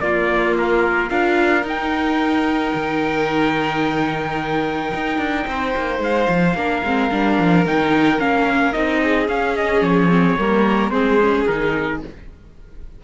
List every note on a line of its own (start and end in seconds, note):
0.00 1.10 A#3
0.00 1.11 A#3
0.00 1.10 F4
0.00 0.55 D5
0.58 1.10 A#4
1.10 1.63 D4
1.10 1.62 F4
1.10 5.46 A#4
1.10 1.64 F5
1.62 6.53 D#4
1.62 2.72 D#4
1.68 6.03 G5
2.74 4.92 D#3
4.94 5.18 D#4
5.18 5.45 D4
5.47 5.74 C4
5.47 6.56 C5
5.76 5.99 A#3
5.99 6.27 G#3
5.99 7.67 F5
6.28 6.54 F3
6.54 6.82 A#3
6.54 6.84 D4
6.54 9.01 A#4
6.84 7.11 G#3
6.84 7.11 C4
7.11 7.39 G3
7.11 7.65 D4
7.39 7.66 F3
7.66 8.20 D#3
7.66 8.19 D#4
7.66 8.20 G5
8.19 8.74 A#3
8.19 8.73 C#4
8.19 8.73 F5
8.73 9.28 C4
8.73 9.27 D#4
8.73 9.27 D#5
9.03 10.39 G#4
9.28 9.81 C#4
9.28 10.09 C#4
9.28 9.56 F5
9.56 9.83 D#5
9.81 10.36 F3
9.81 10.90 C#5
10.09 10.37 C4
10.38 10.90 G3
10.38 10.91 A#3
10.38 10.92 A#4
10.90 11.45 G#3
10.90 11.18 C4
10.90 12.01 G#4
10.90 11.44 C5
11.21 11.48 C#4
11.47 12.03 D#3
11.47 12.04 D#4
11.47 12.01 A#4